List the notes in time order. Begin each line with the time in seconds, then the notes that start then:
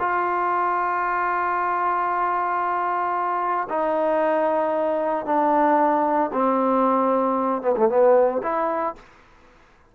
0.00 F4
3.70 D#4
5.26 D4
6.33 C4
7.62 B3
7.77 A3
7.89 B3
8.43 E4